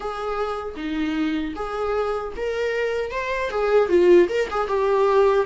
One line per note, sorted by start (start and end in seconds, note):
0.00 0.74 G#4
0.76 1.54 D#4
1.55 2.33 G#4
2.36 3.11 A#4
3.11 3.50 C5
3.50 3.89 G#4
3.89 4.28 F4
4.29 4.48 A#4
4.50 4.67 G#4
4.67 5.45 G4